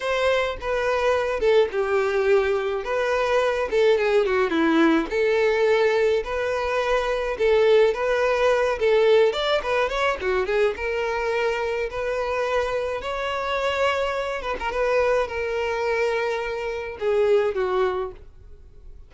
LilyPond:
\new Staff \with { instrumentName = "violin" } { \time 4/4 \tempo 4 = 106 c''4 b'4. a'8 g'4~ | g'4 b'4. a'8 gis'8 fis'8 | e'4 a'2 b'4~ | b'4 a'4 b'4. a'8~ |
a'8 d''8 b'8 cis''8 fis'8 gis'8 ais'4~ | ais'4 b'2 cis''4~ | cis''4. b'16 ais'16 b'4 ais'4~ | ais'2 gis'4 fis'4 | }